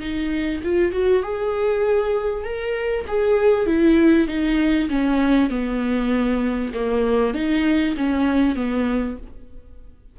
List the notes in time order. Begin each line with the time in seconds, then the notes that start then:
0.00 D#4
0.63 F4
0.92 F#4
1.23 G#4
2.44 A#4
3.08 G#4
3.66 E4
4.27 D#4
4.89 C#4
5.50 B3
6.74 A#3
7.34 D#4
7.97 C#4
8.55 B3